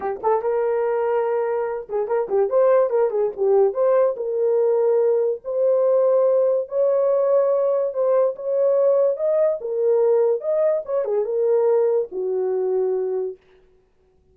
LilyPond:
\new Staff \with { instrumentName = "horn" } { \time 4/4 \tempo 4 = 144 g'8 a'8 ais'2.~ | ais'8 gis'8 ais'8 g'8 c''4 ais'8 gis'8 | g'4 c''4 ais'2~ | ais'4 c''2. |
cis''2. c''4 | cis''2 dis''4 ais'4~ | ais'4 dis''4 cis''8 gis'8 ais'4~ | ais'4 fis'2. | }